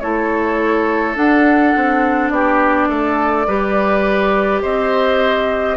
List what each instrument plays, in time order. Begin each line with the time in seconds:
0.00 bassoon A3, clarinet E4, oboe A4, flute C#5
1.15 clarinet D4, bassoon D4, flute F#5
1.76 bassoon C4
2.30 bassoon B3, oboe G4, flute D5
2.89 bassoon A3, oboe A4
3.47 bassoon G3, clarinet G4, oboe B4
4.62 bassoon C4, oboe C5, flute D#5